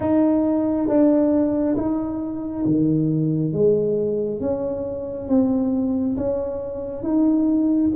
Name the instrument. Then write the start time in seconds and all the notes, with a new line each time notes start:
tuba
0.00 D#4
0.87 D4
1.76 D#4
2.65 D#3
3.53 G#3
4.40 C#4
5.28 C4
6.16 C#4
7.02 D#4